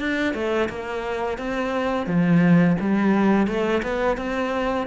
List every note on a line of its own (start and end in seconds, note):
0.00 0.34 D4
0.34 0.69 A3
0.69 1.39 A#3
1.39 2.07 C4
2.07 2.77 F3
2.80 3.48 G3
3.48 3.82 A3
3.83 4.17 B3
4.17 4.87 C4